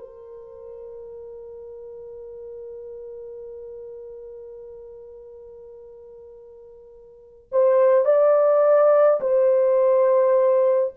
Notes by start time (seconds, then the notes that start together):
0.00 A#4
7.52 C5
8.05 D5
9.21 C5